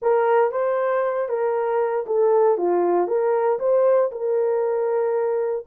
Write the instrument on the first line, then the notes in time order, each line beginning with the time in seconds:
horn
0.01 A#4
0.51 C5
1.28 A#4
2.06 A4
2.57 F4
3.07 A#4
3.59 C5
4.11 A#4